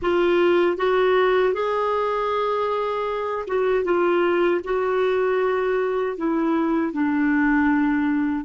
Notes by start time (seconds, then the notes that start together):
0.02 F4
0.77 F#4
1.53 G#4
3.47 F#4
3.84 F4
4.64 F#4
6.17 E4
6.92 D4